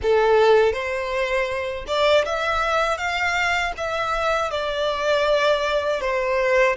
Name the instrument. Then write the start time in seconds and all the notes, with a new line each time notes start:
violin
0.02 A4
0.73 C5
1.87 D5
2.25 E5
2.97 F5
3.77 E5
4.50 D5
6.00 C5